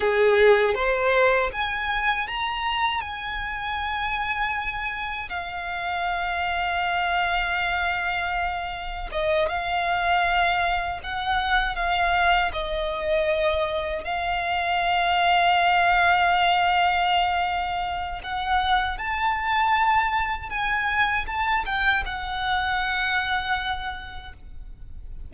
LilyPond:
\new Staff \with { instrumentName = "violin" } { \time 4/4 \tempo 4 = 79 gis'4 c''4 gis''4 ais''4 | gis''2. f''4~ | f''1 | dis''8 f''2 fis''4 f''8~ |
f''8 dis''2 f''4.~ | f''1 | fis''4 a''2 gis''4 | a''8 g''8 fis''2. | }